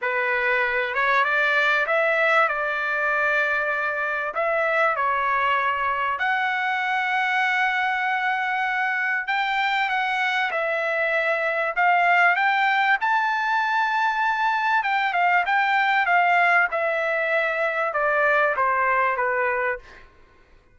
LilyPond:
\new Staff \with { instrumentName = "trumpet" } { \time 4/4 \tempo 4 = 97 b'4. cis''8 d''4 e''4 | d''2. e''4 | cis''2 fis''2~ | fis''2. g''4 |
fis''4 e''2 f''4 | g''4 a''2. | g''8 f''8 g''4 f''4 e''4~ | e''4 d''4 c''4 b'4 | }